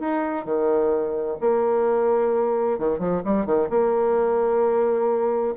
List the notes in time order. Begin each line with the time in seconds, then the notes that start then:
0.00 D#4
0.45 D#3
1.41 A#3
2.79 D#3
2.99 F3
3.25 G3
3.46 D#3
3.70 A#3